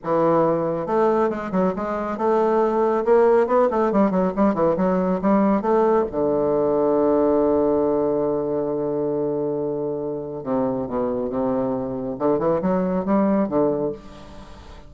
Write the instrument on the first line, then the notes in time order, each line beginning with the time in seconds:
bassoon
0.03 E3
0.86 A3
1.29 G#3
1.51 F#3
1.76 G#3
2.17 A3
3.04 A#3
3.47 B3
3.70 A3
3.92 G3
4.10 F#3
4.36 G3
4.54 E3
4.76 F#3
5.21 G3
5.61 A3
6.11 D3
10.43 C3
10.87 B2
11.29 C3
12.19 D3
12.38 E3
12.61 F#3
13.05 G3
13.48 D3